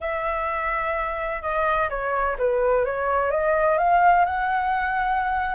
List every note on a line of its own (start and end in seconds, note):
0.00 1.42 E5
1.42 1.89 D#5
1.89 2.36 C#5
2.38 2.85 B4
2.85 3.30 C#5
3.30 3.78 D#5
3.78 4.25 F5
4.25 5.55 F#5